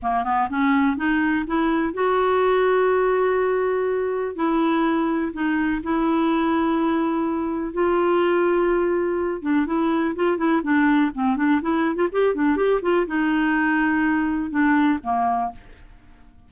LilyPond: \new Staff \with { instrumentName = "clarinet" } { \time 4/4 \tempo 4 = 124 ais8 b8 cis'4 dis'4 e'4 | fis'1~ | fis'4 e'2 dis'4 | e'1 |
f'2.~ f'8 d'8 | e'4 f'8 e'8 d'4 c'8 d'8 | e'8. f'16 g'8 d'8 g'8 f'8 dis'4~ | dis'2 d'4 ais4 | }